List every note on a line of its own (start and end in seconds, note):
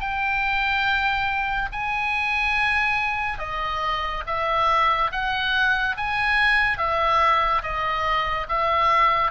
0.00 1.69 G5
1.72 3.38 G#5
3.38 4.23 D#5
4.26 5.11 E5
5.12 5.96 F#5
5.97 6.78 G#5
6.78 7.62 E5
7.62 8.47 D#5
8.48 9.31 E5